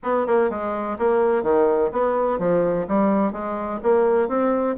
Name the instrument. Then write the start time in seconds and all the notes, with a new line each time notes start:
bassoon
0.03 B3
0.27 A#3
0.50 G#3
0.98 A#3
1.43 D#3
1.92 B3
2.38 F3
2.87 G3
3.32 G#3
3.82 A#3
4.28 C4